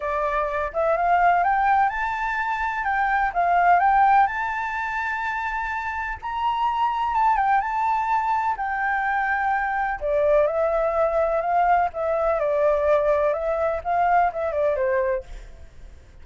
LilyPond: \new Staff \with { instrumentName = "flute" } { \time 4/4 \tempo 4 = 126 d''4. e''8 f''4 g''4 | a''2 g''4 f''4 | g''4 a''2.~ | a''4 ais''2 a''8 g''8 |
a''2 g''2~ | g''4 d''4 e''2 | f''4 e''4 d''2 | e''4 f''4 e''8 d''8 c''4 | }